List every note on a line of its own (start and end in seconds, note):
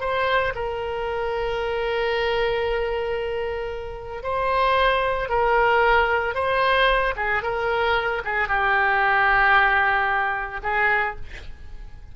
0.00 0.53 C5
0.55 4.23 A#4
4.23 5.29 C5
5.29 6.34 A#4
6.34 7.14 C5
7.16 7.42 G#4
7.42 8.22 A#4
8.25 8.48 G#4
8.48 10.60 G4
10.63 11.16 G#4